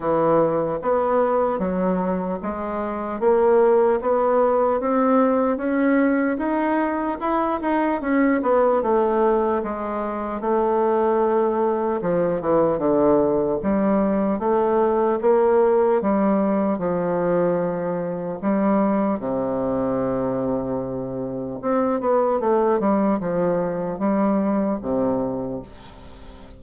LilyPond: \new Staff \with { instrumentName = "bassoon" } { \time 4/4 \tempo 4 = 75 e4 b4 fis4 gis4 | ais4 b4 c'4 cis'4 | dis'4 e'8 dis'8 cis'8 b8 a4 | gis4 a2 f8 e8 |
d4 g4 a4 ais4 | g4 f2 g4 | c2. c'8 b8 | a8 g8 f4 g4 c4 | }